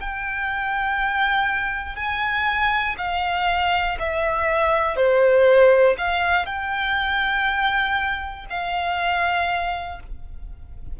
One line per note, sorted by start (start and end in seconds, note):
0.00 1.96 G5
1.96 2.96 G#5
2.97 3.97 F5
3.99 4.96 E5
4.96 5.96 C5
5.98 6.46 F5
6.46 8.46 G5
8.50 10.00 F5